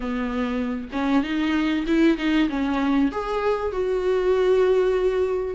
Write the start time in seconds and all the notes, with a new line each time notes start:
0.00 B3
0.92 C#4
1.23 D#4
1.86 E4
2.17 D#4
2.49 C#4
3.11 G#4
3.72 F#4